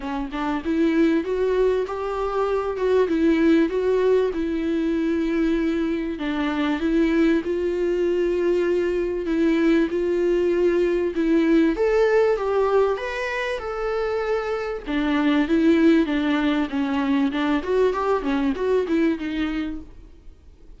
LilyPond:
\new Staff \with { instrumentName = "viola" } { \time 4/4 \tempo 4 = 97 cis'8 d'8 e'4 fis'4 g'4~ | g'8 fis'8 e'4 fis'4 e'4~ | e'2 d'4 e'4 | f'2. e'4 |
f'2 e'4 a'4 | g'4 b'4 a'2 | d'4 e'4 d'4 cis'4 | d'8 fis'8 g'8 cis'8 fis'8 e'8 dis'4 | }